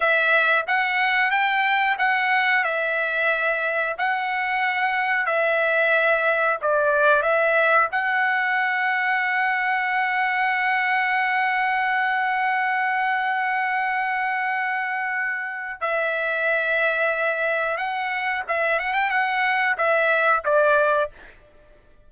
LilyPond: \new Staff \with { instrumentName = "trumpet" } { \time 4/4 \tempo 4 = 91 e''4 fis''4 g''4 fis''4 | e''2 fis''2 | e''2 d''4 e''4 | fis''1~ |
fis''1~ | fis''1 | e''2. fis''4 | e''8 fis''16 g''16 fis''4 e''4 d''4 | }